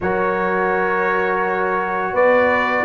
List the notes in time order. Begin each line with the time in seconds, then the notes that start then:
0.00 F#3 F#4 A#4 C#5
2.13 B3 B4 D5